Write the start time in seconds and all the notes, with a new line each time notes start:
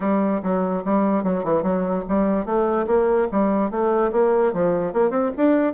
0.00 G3
0.42 F#3
0.84 G3
1.23 F#3
1.44 E3
1.62 F#3
2.08 G3
2.45 A3
2.86 A#3
3.31 G3
3.70 A3
4.12 A#3
4.53 F3
4.93 A#3
5.10 C4
5.36 D4